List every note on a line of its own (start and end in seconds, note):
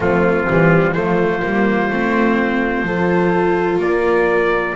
0.00 0.47 F3
0.00 0.46 A3
0.00 0.95 C4
0.00 0.93 F4
0.49 0.95 E3
0.49 0.94 G3
0.93 1.43 F3
0.93 1.41 A3
0.93 2.86 F4
0.93 3.79 C5
1.41 1.90 G3
1.41 1.89 A#3
1.90 2.83 A3
1.90 2.85 C4
2.83 3.78 F3
2.83 4.75 F4
2.83 3.81 A4
3.78 4.73 A#3
3.78 4.75 A#4
3.78 4.75 D5